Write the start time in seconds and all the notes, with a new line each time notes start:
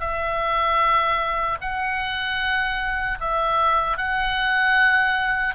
0.00 E5
1.61 F#5
3.20 E5
3.98 F#5